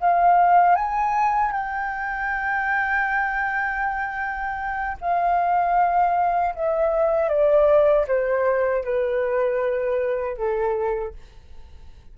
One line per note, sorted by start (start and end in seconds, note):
0.00 0.76 F5
0.76 1.51 G#5
1.51 4.98 G5
5.01 6.55 F5
6.55 7.29 E5
7.29 8.06 D5
8.07 8.84 C5
8.84 10.37 B4
10.37 11.14 A4